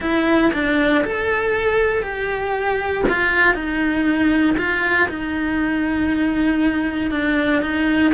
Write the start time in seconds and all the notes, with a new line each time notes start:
0.00 E4
0.53 D4
1.04 A4
2.02 G4
3.09 F4
3.54 D#4
4.57 F4
5.08 D#4
7.10 D4
7.62 D#4